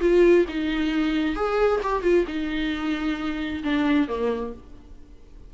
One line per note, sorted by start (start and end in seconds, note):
0.00 0.45 F4
0.48 1.35 D#4
1.35 1.80 G#4
1.83 2.02 G4
2.02 2.25 F4
2.27 3.62 D#4
3.63 4.08 D4
4.08 4.53 A#3